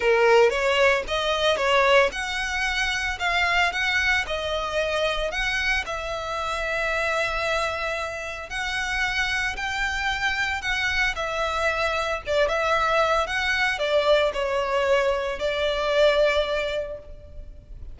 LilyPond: \new Staff \with { instrumentName = "violin" } { \time 4/4 \tempo 4 = 113 ais'4 cis''4 dis''4 cis''4 | fis''2 f''4 fis''4 | dis''2 fis''4 e''4~ | e''1 |
fis''2 g''2 | fis''4 e''2 d''8 e''8~ | e''4 fis''4 d''4 cis''4~ | cis''4 d''2. | }